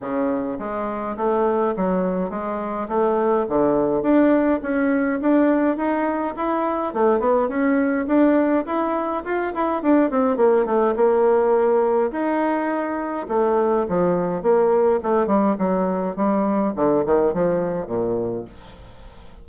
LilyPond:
\new Staff \with { instrumentName = "bassoon" } { \time 4/4 \tempo 4 = 104 cis4 gis4 a4 fis4 | gis4 a4 d4 d'4 | cis'4 d'4 dis'4 e'4 | a8 b8 cis'4 d'4 e'4 |
f'8 e'8 d'8 c'8 ais8 a8 ais4~ | ais4 dis'2 a4 | f4 ais4 a8 g8 fis4 | g4 d8 dis8 f4 ais,4 | }